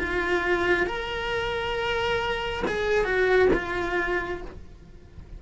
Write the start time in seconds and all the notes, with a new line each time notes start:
0.00 F4
0.87 A#4
2.68 G#4
3.05 F#4
3.54 F4